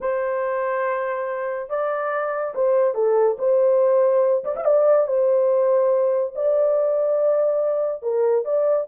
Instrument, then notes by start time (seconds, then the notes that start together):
horn
0.00 C5
1.69 D5
2.54 C5
2.94 A4
3.38 C5
4.44 D5
4.56 E5
4.64 D5
5.07 C5
6.35 D5
8.02 A#4
8.44 D5